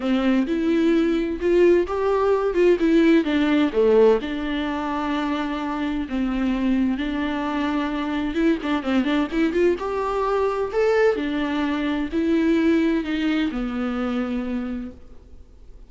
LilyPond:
\new Staff \with { instrumentName = "viola" } { \time 4/4 \tempo 4 = 129 c'4 e'2 f'4 | g'4. f'8 e'4 d'4 | a4 d'2.~ | d'4 c'2 d'4~ |
d'2 e'8 d'8 c'8 d'8 | e'8 f'8 g'2 a'4 | d'2 e'2 | dis'4 b2. | }